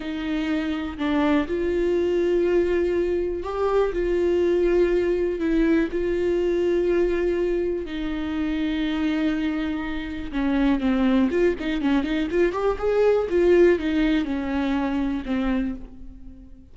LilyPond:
\new Staff \with { instrumentName = "viola" } { \time 4/4 \tempo 4 = 122 dis'2 d'4 f'4~ | f'2. g'4 | f'2. e'4 | f'1 |
dis'1~ | dis'4 cis'4 c'4 f'8 dis'8 | cis'8 dis'8 f'8 g'8 gis'4 f'4 | dis'4 cis'2 c'4 | }